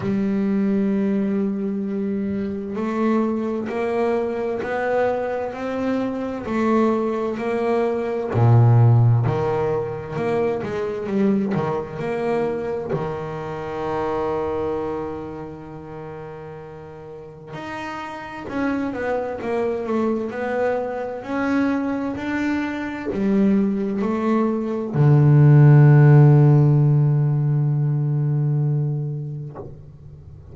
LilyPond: \new Staff \with { instrumentName = "double bass" } { \time 4/4 \tempo 4 = 65 g2. a4 | ais4 b4 c'4 a4 | ais4 ais,4 dis4 ais8 gis8 | g8 dis8 ais4 dis2~ |
dis2. dis'4 | cis'8 b8 ais8 a8 b4 cis'4 | d'4 g4 a4 d4~ | d1 | }